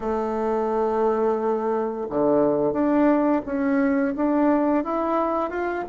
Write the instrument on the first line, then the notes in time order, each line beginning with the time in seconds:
bassoon
0.00 A3
2.10 D3
2.72 D4
3.45 C#4
4.15 D4
4.84 E4
5.50 F4